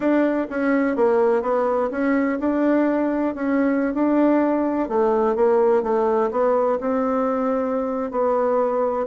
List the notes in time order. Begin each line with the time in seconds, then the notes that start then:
0.00 D4
0.49 C#4
0.95 A#3
1.42 B3
1.91 C#4
2.39 D4
3.34 C#4
3.94 D4
4.89 A3
5.35 A#3
5.82 A3
6.31 B3
6.80 C4
8.11 B3